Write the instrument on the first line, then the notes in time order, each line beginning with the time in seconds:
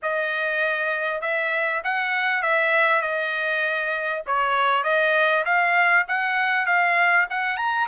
trumpet
0.02 D#5
1.21 E5
1.83 F#5
2.42 E5
3.01 D#5
4.26 C#5
4.83 D#5
5.45 F5
6.07 F#5
6.66 F5
7.30 F#5
7.56 A#5